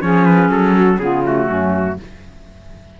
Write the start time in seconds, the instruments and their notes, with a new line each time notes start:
0.00 cello F3, clarinet C#4, saxophone G#4, trumpet C#5
0.25 trumpet B4
0.49 cello F#3, trumpet A4
0.76 saxophone F#4
0.99 cello C#3, clarinet B3, saxophone F4, trumpet G#4
1.24 clarinet A3, trumpet F#4
1.47 cello F#2, saxophone C#4